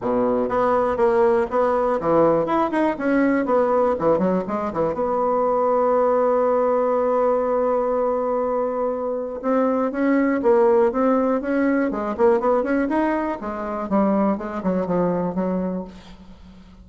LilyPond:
\new Staff \with { instrumentName = "bassoon" } { \time 4/4 \tempo 4 = 121 b,4 b4 ais4 b4 | e4 e'8 dis'8 cis'4 b4 | e8 fis8 gis8 e8 b2~ | b1~ |
b2. c'4 | cis'4 ais4 c'4 cis'4 | gis8 ais8 b8 cis'8 dis'4 gis4 | g4 gis8 fis8 f4 fis4 | }